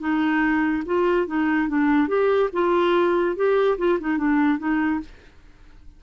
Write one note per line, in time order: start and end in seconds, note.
0.00 0.83 D#4
0.86 1.27 F4
1.27 1.69 D#4
1.69 2.08 D4
2.08 2.50 G4
2.53 3.36 F4
3.37 3.78 G4
3.78 3.99 F4
4.00 4.18 D#4
4.18 4.59 D4
4.59 5.01 D#4